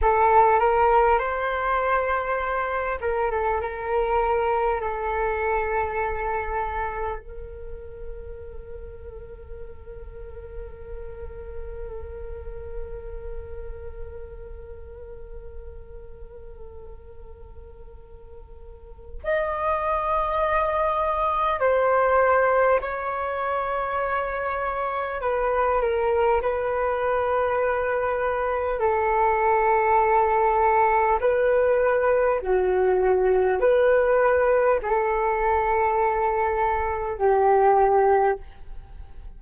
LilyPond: \new Staff \with { instrumentName = "flute" } { \time 4/4 \tempo 4 = 50 a'8 ais'8 c''4. ais'16 a'16 ais'4 | a'2 ais'2~ | ais'1~ | ais'1 |
dis''2 c''4 cis''4~ | cis''4 b'8 ais'8 b'2 | a'2 b'4 fis'4 | b'4 a'2 g'4 | }